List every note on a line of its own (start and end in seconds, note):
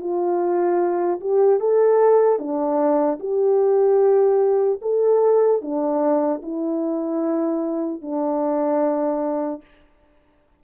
0.00 1.20 F4
1.20 1.60 G4
1.60 2.39 A4
2.39 3.19 D4
3.20 4.80 G4
4.81 5.61 A4
5.61 6.41 D4
6.42 8.02 E4
8.02 9.62 D4